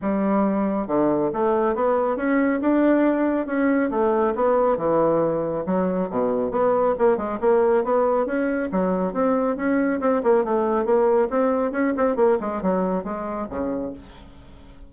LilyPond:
\new Staff \with { instrumentName = "bassoon" } { \time 4/4 \tempo 4 = 138 g2 d4 a4 | b4 cis'4 d'2 | cis'4 a4 b4 e4~ | e4 fis4 b,4 b4 |
ais8 gis8 ais4 b4 cis'4 | fis4 c'4 cis'4 c'8 ais8 | a4 ais4 c'4 cis'8 c'8 | ais8 gis8 fis4 gis4 cis4 | }